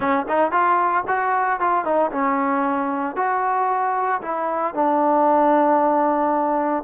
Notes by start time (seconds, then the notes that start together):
0.00 C#4
0.28 D#4
0.51 F4
1.07 F#4
1.59 F4
1.84 D#4
2.11 C#4
3.16 F#4
4.21 E4
4.74 D4